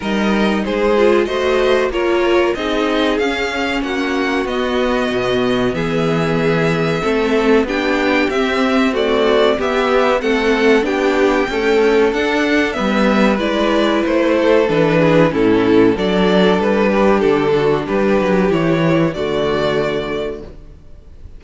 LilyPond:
<<
  \new Staff \with { instrumentName = "violin" } { \time 4/4 \tempo 4 = 94 dis''4 c''4 dis''4 cis''4 | dis''4 f''4 fis''4 dis''4~ | dis''4 e''2. | g''4 e''4 d''4 e''4 |
fis''4 g''2 fis''4 | e''4 d''4 c''4 b'4 | a'4 d''4 b'4 a'4 | b'4 cis''4 d''2 | }
  \new Staff \with { instrumentName = "violin" } { \time 4/4 ais'4 gis'4 c''4 ais'4 | gis'2 fis'2~ | fis'4 gis'2 a'4 | g'2 fis'4 g'4 |
a'4 g'4 a'2 | b'2~ b'8 a'4 gis'8 | e'4 a'4. g'4 fis'8 | g'2 fis'2 | }
  \new Staff \with { instrumentName = "viola" } { \time 4/4 dis'4. f'8 fis'4 f'4 | dis'4 cis'2 b4~ | b2. c'4 | d'4 c'4 a4 b4 |
c'4 d'4 a4 d'4 | b4 e'2 d'4 | cis'4 d'2.~ | d'4 e'4 a2 | }
  \new Staff \with { instrumentName = "cello" } { \time 4/4 g4 gis4 a4 ais4 | c'4 cis'4 ais4 b4 | b,4 e2 a4 | b4 c'2 b4 |
a4 b4 cis'4 d'4 | g4 gis4 a4 e4 | a,4 fis4 g4 d4 | g8 fis8 e4 d2 | }
>>